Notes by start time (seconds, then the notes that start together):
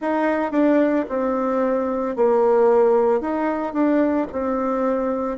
0.00 D#4
0.51 D4
1.08 C4
2.16 A#3
3.20 D#4
3.73 D4
4.31 C4